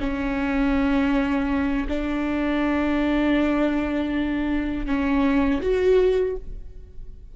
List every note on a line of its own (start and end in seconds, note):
0.00 1.88 C#4
1.88 4.86 D4
4.86 5.61 C#4
5.61 6.36 F#4